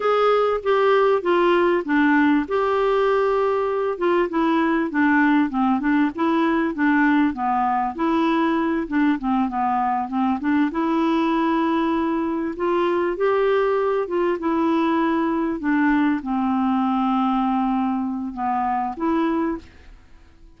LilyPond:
\new Staff \with { instrumentName = "clarinet" } { \time 4/4 \tempo 4 = 98 gis'4 g'4 f'4 d'4 | g'2~ g'8 f'8 e'4 | d'4 c'8 d'8 e'4 d'4 | b4 e'4. d'8 c'8 b8~ |
b8 c'8 d'8 e'2~ e'8~ | e'8 f'4 g'4. f'8 e'8~ | e'4. d'4 c'4.~ | c'2 b4 e'4 | }